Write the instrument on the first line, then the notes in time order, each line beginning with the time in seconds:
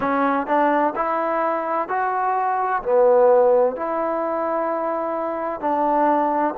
trombone
0.00 C#4
0.46 D4
0.95 E4
1.88 F#4
2.82 B3
3.75 E4
5.60 D4